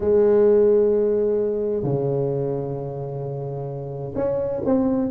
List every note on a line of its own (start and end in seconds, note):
0.00 1.83 G#3
1.83 4.13 C#3
4.15 4.61 C#4
4.65 5.11 C4